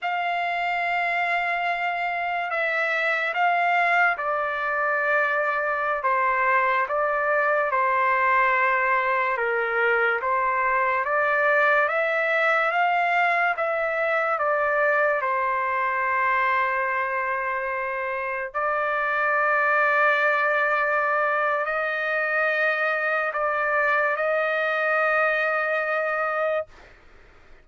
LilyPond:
\new Staff \with { instrumentName = "trumpet" } { \time 4/4 \tempo 4 = 72 f''2. e''4 | f''4 d''2~ d''16 c''8.~ | c''16 d''4 c''2 ais'8.~ | ais'16 c''4 d''4 e''4 f''8.~ |
f''16 e''4 d''4 c''4.~ c''16~ | c''2~ c''16 d''4.~ d''16~ | d''2 dis''2 | d''4 dis''2. | }